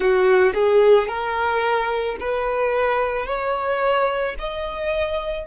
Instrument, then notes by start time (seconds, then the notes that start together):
violin
0.00 F#4
0.54 G#4
1.08 A#4
2.20 B4
3.26 C#5
4.38 D#5